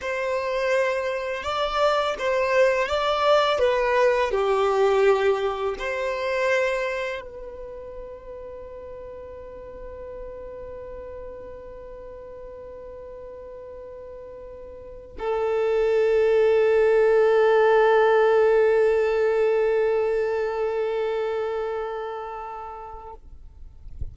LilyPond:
\new Staff \with { instrumentName = "violin" } { \time 4/4 \tempo 4 = 83 c''2 d''4 c''4 | d''4 b'4 g'2 | c''2 b'2~ | b'1~ |
b'1~ | b'4 a'2.~ | a'1~ | a'1 | }